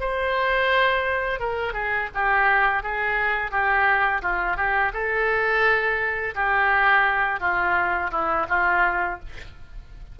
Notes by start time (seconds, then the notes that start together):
0.00 C5
1.39 A#4
1.73 G#4
2.14 G4
2.82 G#4
3.51 G4
4.22 F4
4.57 G4
4.93 A4
6.35 G4
7.40 F4
8.11 E4
8.49 F4